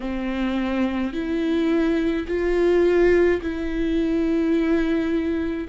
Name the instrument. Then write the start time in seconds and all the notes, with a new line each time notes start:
viola
0.00 C4
1.13 E4
2.27 F4
3.41 E4